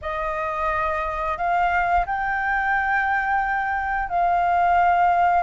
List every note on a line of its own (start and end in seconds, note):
0.01 1.37 D#5
1.37 2.05 F5
2.06 4.09 G5
4.09 5.43 F5